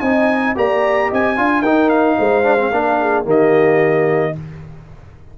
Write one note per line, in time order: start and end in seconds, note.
0.00 0.56 C4
0.00 0.56 D#4
0.00 0.54 D#5
0.00 0.54 G#5
0.56 1.11 A#3
0.56 1.37 G4
0.56 1.09 D5
0.56 1.12 A#5
1.09 1.39 C4
1.09 1.36 D#5
1.09 1.63 G#5
1.37 1.62 D4
1.37 1.64 F4
1.37 1.63 F5
1.62 2.16 D#4
1.62 2.44 D#4
1.62 2.17 A#4
1.62 1.90 G5
1.90 3.25 F5
2.18 2.72 G#3
2.18 2.72 C5
2.44 2.58 D4
2.58 2.72 C4
2.72 3.26 A#3
2.72 3.25 D4
2.72 3.01 A#4
3.01 3.26 G#4
3.25 4.34 D#3
3.25 4.33 A#3
3.25 4.34 G4
3.25 4.38 D#5